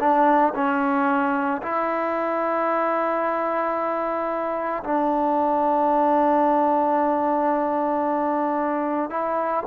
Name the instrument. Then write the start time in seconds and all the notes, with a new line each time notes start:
trombone
0.00 D4
0.55 C#4
1.62 E4
4.84 D4
9.11 E4